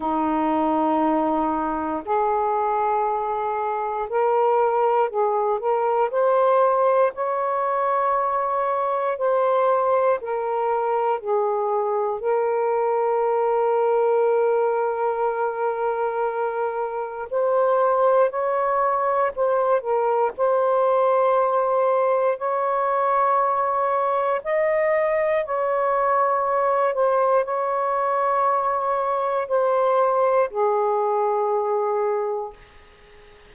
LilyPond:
\new Staff \with { instrumentName = "saxophone" } { \time 4/4 \tempo 4 = 59 dis'2 gis'2 | ais'4 gis'8 ais'8 c''4 cis''4~ | cis''4 c''4 ais'4 gis'4 | ais'1~ |
ais'4 c''4 cis''4 c''8 ais'8 | c''2 cis''2 | dis''4 cis''4. c''8 cis''4~ | cis''4 c''4 gis'2 | }